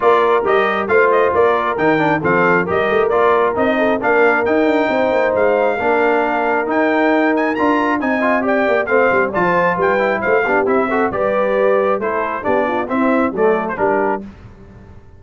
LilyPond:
<<
  \new Staff \with { instrumentName = "trumpet" } { \time 4/4 \tempo 4 = 135 d''4 dis''4 f''8 dis''8 d''4 | g''4 f''4 dis''4 d''4 | dis''4 f''4 g''2 | f''2. g''4~ |
g''8 gis''8 ais''4 gis''4 g''4 | f''4 a''4 g''4 f''4 | e''4 d''2 c''4 | d''4 e''4 d''8. c''16 ais'4 | }
  \new Staff \with { instrumentName = "horn" } { \time 4/4 ais'2 c''4 ais'4~ | ais'4 a'4 ais'2~ | ais'8 a'8 ais'2 c''4~ | c''4 ais'2.~ |
ais'2 dis''4 d''4 | c''4 d''16 c''8. b'4 c''8 g'8~ | g'8 a'8 b'2 a'4 | g'8 f'8 e'4 a'4 g'4 | }
  \new Staff \with { instrumentName = "trombone" } { \time 4/4 f'4 g'4 f'2 | dis'8 d'8 c'4 g'4 f'4 | dis'4 d'4 dis'2~ | dis'4 d'2 dis'4~ |
dis'4 f'4 dis'8 f'8 g'4 | c'4 f'4. e'4 d'8 | e'8 fis'8 g'2 e'4 | d'4 c'4 a4 d'4 | }
  \new Staff \with { instrumentName = "tuba" } { \time 4/4 ais4 g4 a4 ais4 | dis4 f4 g8 a8 ais4 | c'4 ais4 dis'8 d'8 c'8 ais8 | gis4 ais2 dis'4~ |
dis'4 d'4 c'4. ais8 | a8 g8 f4 g4 a8 b8 | c'4 g2 a4 | b4 c'4 fis4 g4 | }
>>